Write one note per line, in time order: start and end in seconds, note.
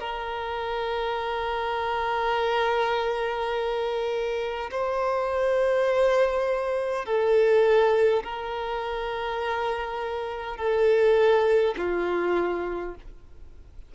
0.00 4.71 A#4
4.71 7.05 C5
7.05 8.23 A4
8.24 10.57 A#4
10.57 11.74 A4
11.78 12.95 F4